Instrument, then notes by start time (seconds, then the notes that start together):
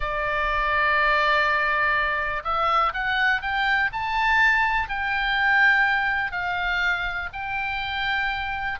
oboe
0.00 D5
2.43 E5
2.93 F#5
3.41 G5
3.92 A5
4.88 G5
6.31 F5
7.32 G5